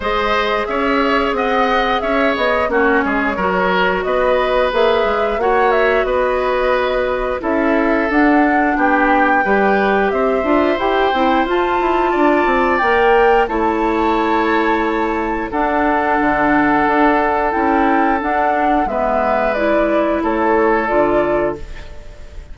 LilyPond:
<<
  \new Staff \with { instrumentName = "flute" } { \time 4/4 \tempo 4 = 89 dis''4 e''4 fis''4 e''8 dis''8 | cis''2 dis''4 e''4 | fis''8 e''8 dis''2 e''4 | fis''4 g''2 e''4 |
g''4 a''2 g''4 | a''2. fis''4~ | fis''2 g''4 fis''4 | e''4 d''4 cis''4 d''4 | }
  \new Staff \with { instrumentName = "oboe" } { \time 4/4 c''4 cis''4 dis''4 cis''4 | fis'8 gis'8 ais'4 b'2 | cis''4 b'2 a'4~ | a'4 g'4 b'4 c''4~ |
c''2 d''2 | cis''2. a'4~ | a'1 | b'2 a'2 | }
  \new Staff \with { instrumentName = "clarinet" } { \time 4/4 gis'1 | cis'4 fis'2 gis'4 | fis'2. e'4 | d'2 g'4. f'8 |
g'8 e'8 f'2 ais'4 | e'2. d'4~ | d'2 e'4 d'4 | b4 e'2 f'4 | }
  \new Staff \with { instrumentName = "bassoon" } { \time 4/4 gis4 cis'4 c'4 cis'8 b8 | ais8 gis8 fis4 b4 ais8 gis8 | ais4 b2 cis'4 | d'4 b4 g4 c'8 d'8 |
e'8 c'8 f'8 e'8 d'8 c'8 ais4 | a2. d'4 | d4 d'4 cis'4 d'4 | gis2 a4 d4 | }
>>